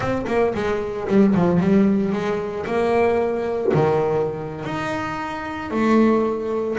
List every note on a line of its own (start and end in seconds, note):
0.00 0.25 C4
0.27 0.53 A#3
0.54 1.07 G#3
1.07 1.34 G3
1.34 1.60 F3
1.60 2.12 G3
2.12 2.65 G#3
2.66 3.72 A#3
3.74 4.65 D#3
4.65 5.70 D#4
5.70 6.77 A3